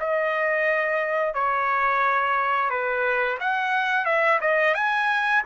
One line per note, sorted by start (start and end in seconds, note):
0.00 1.34 D#5
1.34 2.70 C#5
2.70 3.38 B4
3.40 4.05 F#5
4.05 4.39 E5
4.41 4.74 D#5
4.74 5.42 G#5